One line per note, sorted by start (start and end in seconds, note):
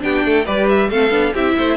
0.00 0.25 B3
0.00 0.44 D4
0.00 0.26 G4
0.00 0.45 G5
0.25 0.47 A3
0.25 0.45 A4
0.45 0.91 G3
0.45 0.90 G4
0.45 0.89 B4
0.45 0.68 D5
0.69 0.90 E5
0.90 1.10 A3
0.90 1.11 C4
0.90 1.34 A4
0.90 1.34 F5
1.10 1.32 B3
1.10 1.33 D4
1.34 1.56 C4
1.34 1.77 E4
1.34 1.56 G4
1.34 1.77 E5
1.57 1.77 A3
1.57 1.77 C5